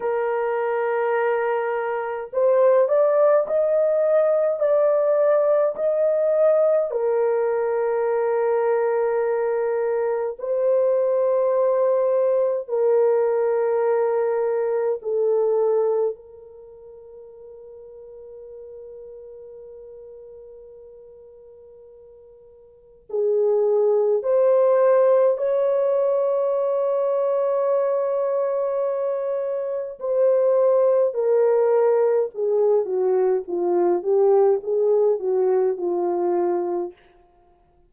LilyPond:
\new Staff \with { instrumentName = "horn" } { \time 4/4 \tempo 4 = 52 ais'2 c''8 d''8 dis''4 | d''4 dis''4 ais'2~ | ais'4 c''2 ais'4~ | ais'4 a'4 ais'2~ |
ais'1 | gis'4 c''4 cis''2~ | cis''2 c''4 ais'4 | gis'8 fis'8 f'8 g'8 gis'8 fis'8 f'4 | }